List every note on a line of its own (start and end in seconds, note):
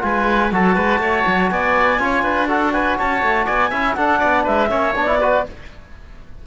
0.00 0.52 G#3
0.00 0.49 F4
0.00 0.53 B4
0.00 0.52 G#5
0.52 0.76 F#3
0.52 1.99 F#4
0.52 0.75 A4
0.52 1.50 A5
0.75 0.99 G#3
0.75 0.99 B4
0.99 1.23 A3
0.99 1.51 C#5
1.27 1.51 F#3
1.50 1.99 B3
1.50 2.01 D5
1.50 2.48 G#5
1.99 2.23 C#4
1.99 2.48 F4
1.99 2.23 C#5
2.23 2.96 D4
2.23 2.48 B4
2.48 3.71 F#4
2.48 2.73 A4
2.48 2.73 F#5
2.73 2.98 B4
2.73 2.97 G#5
2.98 3.22 C#4
2.98 3.46 C#5
2.98 3.46 A5
3.22 3.47 A3
3.46 3.72 B3
3.46 3.70 D5
3.46 3.95 G#5
3.70 3.96 C#4
3.70 3.97 E4
3.70 3.95 E5
3.95 4.69 D4
3.95 4.22 D4
3.95 4.19 A4
3.95 4.44 F#5
4.19 4.47 B3
4.19 4.43 D5
4.44 4.71 G#3
4.44 4.68 B4
4.44 4.95 E5
4.69 4.95 A#3
4.69 4.94 C#4
4.69 5.20 C#5
4.95 5.45 B3
4.95 5.07 D4
4.95 5.46 D5
5.07 5.19 E4
5.20 5.46 F#4
5.20 5.45 B4